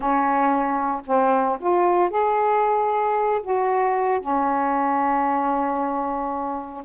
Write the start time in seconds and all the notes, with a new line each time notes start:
0.00 C#4
1.06 C4
1.60 F4
2.09 G#4
3.42 F#4
4.20 C#4